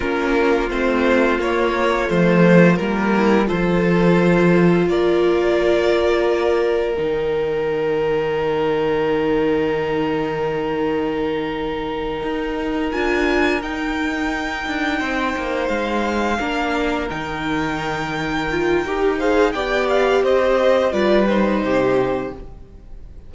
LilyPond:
<<
  \new Staff \with { instrumentName = "violin" } { \time 4/4 \tempo 4 = 86 ais'4 c''4 cis''4 c''4 | ais'4 c''2 d''4~ | d''2 g''2~ | g''1~ |
g''2~ g''8 gis''4 g''8~ | g''2~ g''8 f''4.~ | f''8 g''2. f''8 | g''8 f''8 dis''4 d''8 c''4. | }
  \new Staff \with { instrumentName = "violin" } { \time 4/4 f'1~ | f'8 e'8 a'2 ais'4~ | ais'1~ | ais'1~ |
ais'1~ | ais'4. c''2 ais'8~ | ais'2.~ ais'8 c''8 | d''4 c''4 b'4 g'4 | }
  \new Staff \with { instrumentName = "viola" } { \time 4/4 cis'4 c'4 ais4 a4 | ais4 f'2.~ | f'2 dis'2~ | dis'1~ |
dis'2~ dis'8 f'4 dis'8~ | dis'2.~ dis'8 d'8~ | d'8 dis'2 f'8 g'8 gis'8 | g'2 f'8 dis'4. | }
  \new Staff \with { instrumentName = "cello" } { \time 4/4 ais4 a4 ais4 f4 | g4 f2 ais4~ | ais2 dis2~ | dis1~ |
dis4. dis'4 d'4 dis'8~ | dis'4 d'8 c'8 ais8 gis4 ais8~ | ais8 dis2~ dis8 dis'4 | b4 c'4 g4 c4 | }
>>